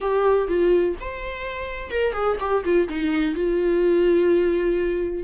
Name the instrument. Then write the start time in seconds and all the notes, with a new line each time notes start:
viola
0.00 G4
0.47 F4
1.00 C5
1.90 A#4
2.13 G#4
2.40 G4
2.64 F4
2.88 D#4
3.35 F4